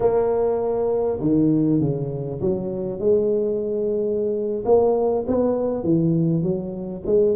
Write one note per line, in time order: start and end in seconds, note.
0.00 1.19 A#3
1.20 1.80 D#3
1.80 2.40 C#3
2.41 2.99 F#3
2.99 4.64 G#3
4.65 5.25 A#3
5.27 5.83 B3
5.83 6.42 E3
6.42 7.02 F#3
7.06 7.35 G#3